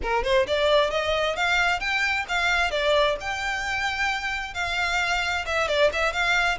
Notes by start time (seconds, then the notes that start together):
0.02 A#4
0.23 C5
0.47 D5
0.90 D#5
1.36 F5
1.80 G5
2.28 F5
2.70 D5
3.20 G5
4.54 F5
5.45 E5
5.68 D5
5.92 E5
6.12 F5